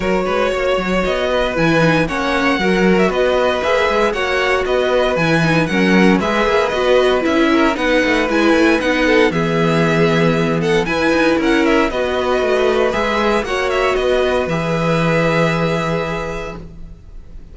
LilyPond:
<<
  \new Staff \with { instrumentName = "violin" } { \time 4/4 \tempo 4 = 116 cis''2 dis''4 gis''4 | fis''4.~ fis''16 e''16 dis''4 e''4 | fis''4 dis''4 gis''4 fis''4 | e''4 dis''4 e''4 fis''4 |
gis''4 fis''4 e''2~ | e''8 fis''8 gis''4 fis''8 e''8 dis''4~ | dis''4 e''4 fis''8 e''8 dis''4 | e''1 | }
  \new Staff \with { instrumentName = "violin" } { \time 4/4 ais'8 b'8 cis''4. b'4. | cis''4 ais'4 b'2 | cis''4 b'2 ais'4 | b'2~ b'8 ais'8 b'4~ |
b'4. a'8 gis'2~ | gis'8 a'8 b'4 ais'4 b'4~ | b'2 cis''4 b'4~ | b'1 | }
  \new Staff \with { instrumentName = "viola" } { \time 4/4 fis'2. e'8 dis'8 | cis'4 fis'2 gis'4 | fis'2 e'8 dis'8 cis'4 | gis'4 fis'4 e'4 dis'4 |
e'4 dis'4 b2~ | b4 e'2 fis'4~ | fis'4 gis'4 fis'2 | gis'1 | }
  \new Staff \with { instrumentName = "cello" } { \time 4/4 fis8 gis8 ais8 fis8 b4 e4 | ais4 fis4 b4 ais8 gis8 | ais4 b4 e4 fis4 | gis8 ais8 b4 cis'4 b8 a8 |
gis8 a8 b4 e2~ | e4 e'8 dis'8 cis'4 b4 | a4 gis4 ais4 b4 | e1 | }
>>